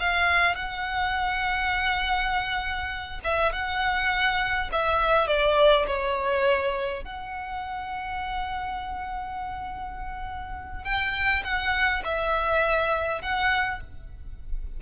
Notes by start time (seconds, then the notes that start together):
0.00 F5
0.56 F#5
3.24 E5
3.53 F#5
4.72 E5
5.28 D5
5.87 C#5
7.05 F#5
10.85 G5
11.44 F#5
12.05 E5
13.22 F#5